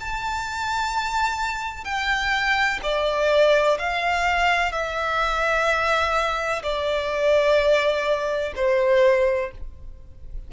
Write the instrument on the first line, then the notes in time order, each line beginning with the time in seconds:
violin
0.00 A5
1.84 G5
2.83 D5
3.78 F5
4.72 E5
6.62 D5
8.55 C5